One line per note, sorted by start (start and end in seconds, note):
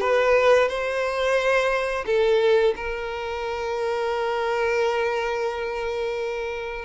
0.00 0.68 B4
0.68 2.05 C5
2.06 2.74 A4
2.76 6.85 A#4